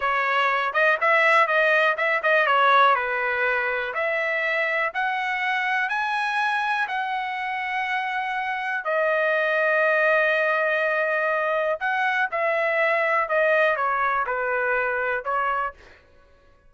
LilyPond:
\new Staff \with { instrumentName = "trumpet" } { \time 4/4 \tempo 4 = 122 cis''4. dis''8 e''4 dis''4 | e''8 dis''8 cis''4 b'2 | e''2 fis''2 | gis''2 fis''2~ |
fis''2 dis''2~ | dis''1 | fis''4 e''2 dis''4 | cis''4 b'2 cis''4 | }